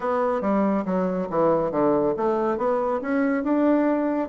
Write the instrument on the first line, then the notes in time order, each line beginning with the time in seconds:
bassoon
0.00 B3
0.41 G3
0.85 F#3
1.30 E3
1.71 D3
2.16 A3
2.57 B3
3.01 C#4
3.43 D4